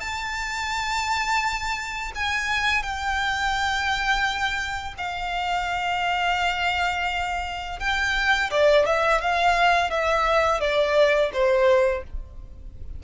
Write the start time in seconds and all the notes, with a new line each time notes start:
0.00 A5
2.15 G#5
2.83 G5
4.98 F5
7.79 G5
8.51 D5
8.86 E5
9.21 F5
9.90 E5
10.60 D5
11.33 C5